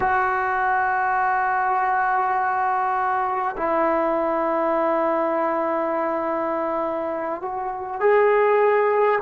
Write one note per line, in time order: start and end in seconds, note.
0.00 3.55 F#4
3.57 7.41 E4
7.41 8.00 F#4
8.00 9.19 G#4